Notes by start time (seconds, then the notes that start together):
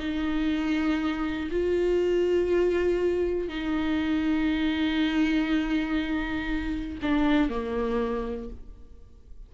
0.00 D#4
1.51 F4
3.49 D#4
7.03 D4
7.50 A#3